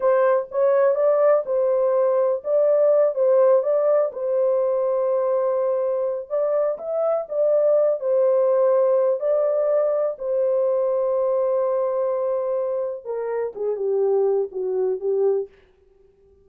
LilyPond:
\new Staff \with { instrumentName = "horn" } { \time 4/4 \tempo 4 = 124 c''4 cis''4 d''4 c''4~ | c''4 d''4. c''4 d''8~ | d''8 c''2.~ c''8~ | c''4 d''4 e''4 d''4~ |
d''8 c''2~ c''8 d''4~ | d''4 c''2.~ | c''2. ais'4 | gis'8 g'4. fis'4 g'4 | }